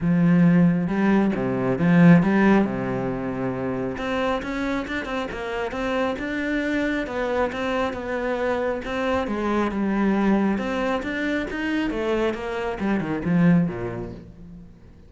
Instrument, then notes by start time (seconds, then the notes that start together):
cello
0.01 F3
0.87 G3
1.35 C3
1.78 F3
2.22 G3
2.64 C3
3.97 C4
4.42 C#4
4.87 D4
5.05 C4
5.31 A#3
5.71 C4
6.18 D4
7.06 B3
7.52 C4
7.93 B3
8.84 C4
9.27 G#3
9.71 G3
10.57 C4
11.02 D4
11.50 D#4
11.90 A3
12.33 A#3
12.80 G3
13.00 D#3
13.24 F3
13.67 A#2